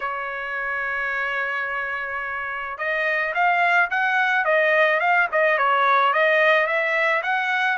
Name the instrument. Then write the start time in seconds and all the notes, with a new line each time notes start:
trumpet
0.00 C#5
2.78 D#5
3.34 F5
3.90 F#5
4.44 D#5
4.99 F5
5.31 D#5
5.58 C#5
6.13 D#5
6.66 E5
7.22 F#5